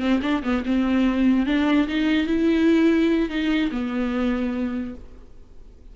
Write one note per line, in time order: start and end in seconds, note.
0.00 0.21 C4
0.22 0.43 D4
0.43 0.64 B3
0.65 1.46 C4
1.46 1.88 D4
1.88 2.27 D#4
2.27 3.30 E4
3.30 3.71 D#4
3.72 4.95 B3